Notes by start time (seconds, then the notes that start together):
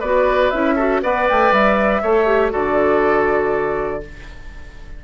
0.00 B3 F#4 B4 D5
0.51 C#4 E4 E5
0.76 F#4 A4
1.02 B3 B4 D5 F#5
1.29 A3 G5
1.52 G3 E5
2.02 A3 A4 C#5
2.26 G4
2.51 D3 F#4 A4 D5